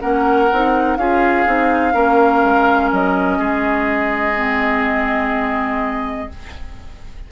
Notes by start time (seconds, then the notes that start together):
0.00 A#3 C#4 A#4 F#5
0.52 C4 D#4
0.96 C#4 F4 G#4 F5
1.46 C4 D#4
1.92 A#3 C#4 A#4
2.44 G#3
2.92 F#3 D#5
3.38 G#3 G#4
4.35 C4